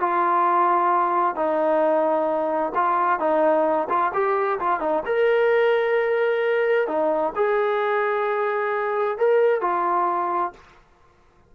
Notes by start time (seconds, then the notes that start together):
0.00 F4
1.36 D#4
2.75 F4
3.19 D#4
3.89 F4
4.13 G4
4.59 F4
4.80 D#4
5.06 A#4
6.88 D#4
7.36 G#4
9.18 A#4
9.61 F4